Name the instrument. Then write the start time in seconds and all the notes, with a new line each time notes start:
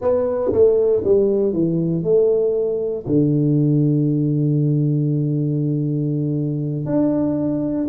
tuba
0.00 B3
0.52 A3
1.04 G3
1.53 E3
2.03 A3
3.06 D3
6.86 D4